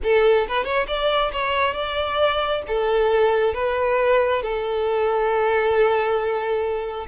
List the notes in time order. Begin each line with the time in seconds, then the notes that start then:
0.03 A4
0.48 B4
0.64 C#5
0.87 D5
1.32 C#5
1.74 D5
2.67 A4
3.54 B4
4.42 A4